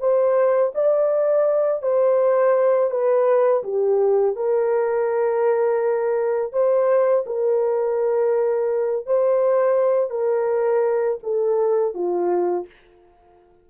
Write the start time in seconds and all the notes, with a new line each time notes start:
0.00 C5
0.75 D5
1.82 C5
2.91 B4
3.63 G4
4.36 A#4
6.53 C5
7.26 A#4
9.06 C5
10.10 A#4
11.23 A4
11.94 F4